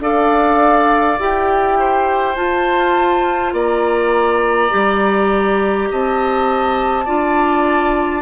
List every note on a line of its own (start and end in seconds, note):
0.00 1.18 D4
0.00 1.19 A4
0.00 1.79 D5
0.00 1.19 F5
1.20 2.37 E4
1.20 2.35 G4
1.20 2.36 G5
1.79 3.54 C5
2.35 4.70 F4
2.35 3.53 F4
2.35 3.53 A5
3.53 4.71 A#3
3.53 5.89 D5
3.53 5.92 A#5
4.70 5.91 G3
4.70 7.06 G4
5.91 7.08 C4
5.91 7.05 D#5
5.91 8.22 A5
7.05 8.22 D4
7.05 8.22 F4
7.05 8.22 D5